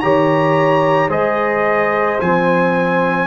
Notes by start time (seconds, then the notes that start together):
0.00 D#3 G4 C#5 A#5
1.09 G#3 G#4 C5 D#5
2.21 F3 C4 G#5